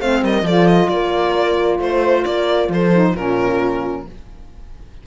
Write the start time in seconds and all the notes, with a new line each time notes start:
0.00 A3 C4 C5 F5
0.23 G3 A#4 D#5
0.42 F3 F4 A4 D5
0.67 D#5
0.89 A#3 A#4 D5
1.80 A3 C5
2.25 A#3 A#4 D5
2.69 F3 A4 C5
2.93 D#4
3.11 A#2 C#4 F4 A#4